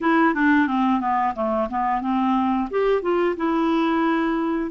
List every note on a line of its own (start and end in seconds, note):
0.00 0.34 E4
0.34 0.67 D4
0.67 1.00 C4
1.00 1.34 B3
1.35 1.69 A3
1.69 2.01 B3
2.01 2.68 C4
2.70 3.02 G4
3.02 3.35 F4
3.36 4.70 E4